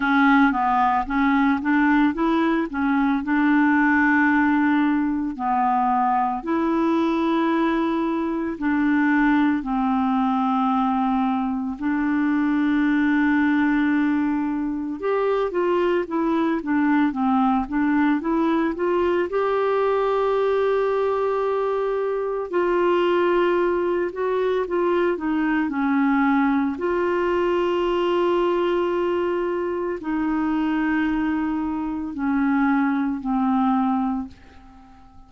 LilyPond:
\new Staff \with { instrumentName = "clarinet" } { \time 4/4 \tempo 4 = 56 cis'8 b8 cis'8 d'8 e'8 cis'8 d'4~ | d'4 b4 e'2 | d'4 c'2 d'4~ | d'2 g'8 f'8 e'8 d'8 |
c'8 d'8 e'8 f'8 g'2~ | g'4 f'4. fis'8 f'8 dis'8 | cis'4 f'2. | dis'2 cis'4 c'4 | }